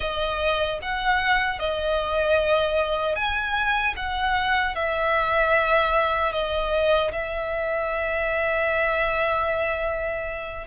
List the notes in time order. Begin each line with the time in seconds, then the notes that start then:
0.00 D#5
0.82 F#5
1.59 D#5
3.15 G#5
3.96 F#5
4.75 E5
6.32 D#5
7.12 E5